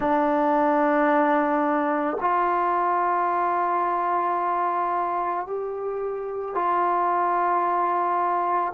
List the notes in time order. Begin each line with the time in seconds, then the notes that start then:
0.00 D4
2.20 F4
5.46 G4
6.55 F4